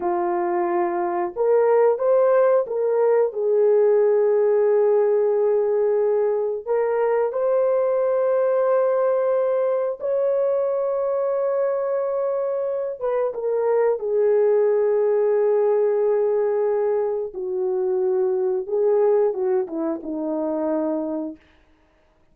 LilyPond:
\new Staff \with { instrumentName = "horn" } { \time 4/4 \tempo 4 = 90 f'2 ais'4 c''4 | ais'4 gis'2.~ | gis'2 ais'4 c''4~ | c''2. cis''4~ |
cis''2.~ cis''8 b'8 | ais'4 gis'2.~ | gis'2 fis'2 | gis'4 fis'8 e'8 dis'2 | }